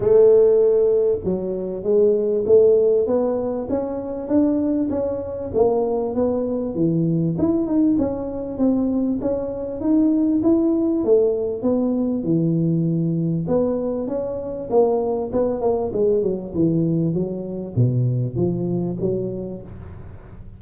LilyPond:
\new Staff \with { instrumentName = "tuba" } { \time 4/4 \tempo 4 = 98 a2 fis4 gis4 | a4 b4 cis'4 d'4 | cis'4 ais4 b4 e4 | e'8 dis'8 cis'4 c'4 cis'4 |
dis'4 e'4 a4 b4 | e2 b4 cis'4 | ais4 b8 ais8 gis8 fis8 e4 | fis4 b,4 f4 fis4 | }